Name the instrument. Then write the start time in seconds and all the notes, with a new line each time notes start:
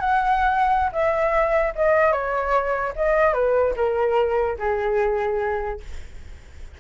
flute
0.00 F#5
0.92 E5
1.75 D#5
2.12 C#5
2.96 D#5
3.34 B4
3.76 A#4
4.58 G#4